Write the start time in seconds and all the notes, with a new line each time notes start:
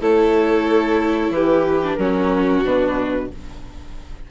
0.00 A3 E4 A4 C#5
1.30 E3 G4 B4
1.83 D4
1.95 F#3 C#4 F#4 A#4
2.63 B2 D4 B4